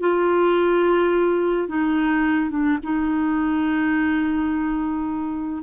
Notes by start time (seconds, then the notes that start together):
0.00 F4
1.68 D#4
2.50 D4
2.83 D#4